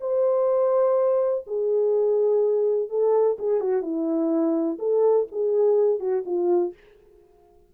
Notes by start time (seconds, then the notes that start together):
0.00 C5
1.46 G#4
2.89 A4
3.38 G#4
3.60 F#4
3.82 E4
4.78 A4
5.31 G#4
5.99 F#4
6.25 F4